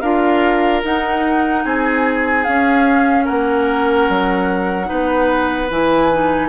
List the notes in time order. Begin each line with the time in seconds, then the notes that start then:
0.00 D4 F4 A#4 F5
0.83 D#4 F#5
1.65 C4 G#4 G#5
2.44 C#4 F5
3.24 A#3 A#4 F#5
4.09 F#3
4.85 B3 D#4 B4
5.70 E3 E4 G#5
6.12 D#4